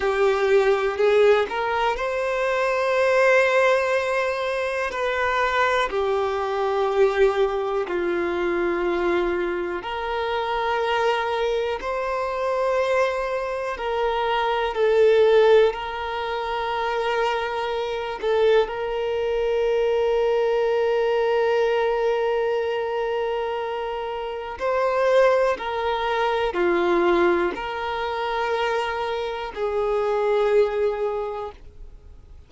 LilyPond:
\new Staff \with { instrumentName = "violin" } { \time 4/4 \tempo 4 = 61 g'4 gis'8 ais'8 c''2~ | c''4 b'4 g'2 | f'2 ais'2 | c''2 ais'4 a'4 |
ais'2~ ais'8 a'8 ais'4~ | ais'1~ | ais'4 c''4 ais'4 f'4 | ais'2 gis'2 | }